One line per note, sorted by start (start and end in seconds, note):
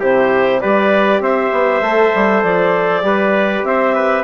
0.00 0.62 C3
0.00 0.62 E4
0.00 0.61 G4
0.00 0.61 C5
0.61 1.20 G3
0.61 1.83 G4
0.61 1.22 B4
0.61 1.22 D5
1.20 1.51 C4
1.20 3.05 C5
1.20 2.43 E5
1.52 1.81 B3
1.81 2.11 A3
1.81 3.02 A4
2.15 2.44 G3
2.43 3.02 F3
2.43 3.64 D5
3.02 3.63 G3
3.02 4.23 G4
3.02 3.67 B4
3.64 4.24 C4
3.64 3.95 C5
3.64 4.24 E5
3.95 4.24 B4